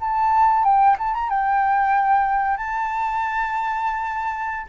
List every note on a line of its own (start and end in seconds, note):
0.00 0.64 A5
0.64 0.96 G5
0.99 1.14 A5
1.14 1.29 A#5
1.29 2.57 G5
2.57 4.67 A5